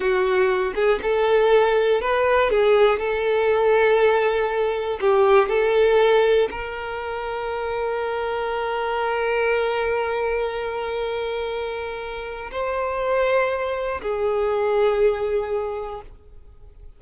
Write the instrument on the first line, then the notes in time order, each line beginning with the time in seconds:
violin
0.00 F#4
0.74 G#4
1.02 A4
2.01 B4
2.50 G#4
2.99 A4
5.00 G4
5.49 A4
6.50 A#4
12.51 C5
14.01 G#4